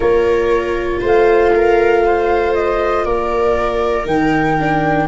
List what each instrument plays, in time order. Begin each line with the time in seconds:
0.00 tuba A#3, viola F4 A#4, flute C#5
1.00 tuba A3, viola C5
1.06 flute F5
1.55 viola A#4
2.05 viola C5
2.54 flute D#5
3.04 tuba A#3, viola A#4, flute D5
4.05 tuba D#3, viola D#4, flute G5
4.59 viola D4